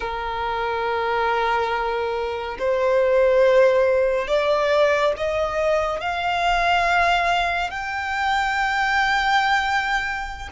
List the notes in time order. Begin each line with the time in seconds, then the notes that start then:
0.00 A#4
2.59 C5
4.27 D5
5.16 D#5
6.00 F5
7.70 G5